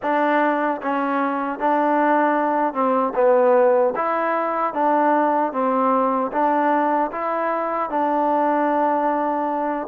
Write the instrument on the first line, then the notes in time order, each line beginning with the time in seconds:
trombone
0.02 D4
0.82 C#4
1.59 D4
2.73 C4
3.14 B3
3.95 E4
4.73 D4
5.52 C4
6.32 D4
7.11 E4
7.89 D4